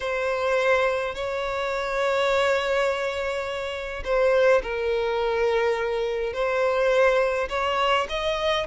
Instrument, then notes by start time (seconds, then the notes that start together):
violin
0.00 C5
1.14 C#5
4.04 C5
4.62 A#4
6.33 C5
7.49 C#5
8.09 D#5